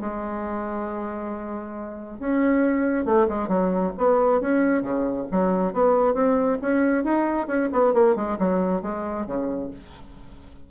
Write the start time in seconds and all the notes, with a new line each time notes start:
0.00 G#3
2.19 C#4
3.05 A3
3.28 G#3
3.48 F#3
3.98 B3
4.41 C#4
4.82 C#3
5.31 F#3
5.73 B3
6.14 C4
6.61 C#4
7.04 D#4
7.47 C#4
7.72 B3
7.93 A#3
8.15 G#3
8.39 F#3
8.82 G#3
9.26 C#3